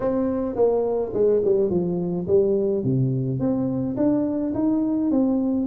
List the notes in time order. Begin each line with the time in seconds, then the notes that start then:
0.00 C4
0.55 A#3
1.13 G#3
1.45 G3
1.70 F3
2.27 G3
2.83 C3
3.39 C4
3.96 D4
4.54 D#4
5.10 C4